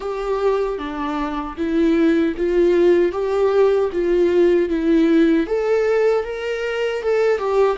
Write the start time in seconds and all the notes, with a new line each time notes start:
0.00 G4
0.78 D4
1.57 E4
2.37 F4
3.12 G4
3.92 F4
4.69 E4
5.46 A4
6.24 A#4
7.01 A4
7.37 G4